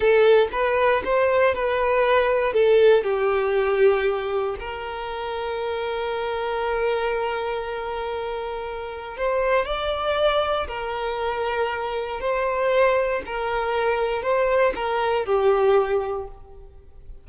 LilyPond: \new Staff \with { instrumentName = "violin" } { \time 4/4 \tempo 4 = 118 a'4 b'4 c''4 b'4~ | b'4 a'4 g'2~ | g'4 ais'2.~ | ais'1~ |
ais'2 c''4 d''4~ | d''4 ais'2. | c''2 ais'2 | c''4 ais'4 g'2 | }